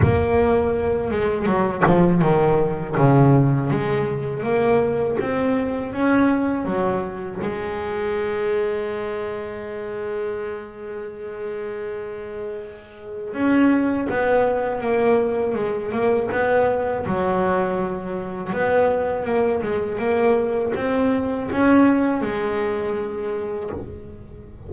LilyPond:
\new Staff \with { instrumentName = "double bass" } { \time 4/4 \tempo 4 = 81 ais4. gis8 fis8 f8 dis4 | cis4 gis4 ais4 c'4 | cis'4 fis4 gis2~ | gis1~ |
gis2 cis'4 b4 | ais4 gis8 ais8 b4 fis4~ | fis4 b4 ais8 gis8 ais4 | c'4 cis'4 gis2 | }